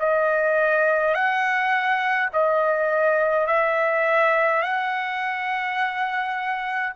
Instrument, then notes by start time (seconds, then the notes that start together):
trumpet
0.00 D#5
1.15 F#5
2.33 D#5
3.47 E5
4.63 F#5